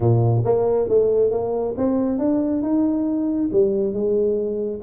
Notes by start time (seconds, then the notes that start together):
0.00 A#2
0.44 A#3
0.88 A3
1.31 A#3
1.77 C4
2.18 D4
2.62 D#4
3.52 G3
3.93 G#3